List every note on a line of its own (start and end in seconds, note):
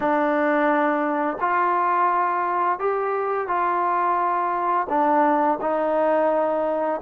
0.00 1.37 D4
1.40 2.79 F4
2.79 3.47 G4
3.47 4.87 F4
4.89 5.58 D4
5.61 7.01 D#4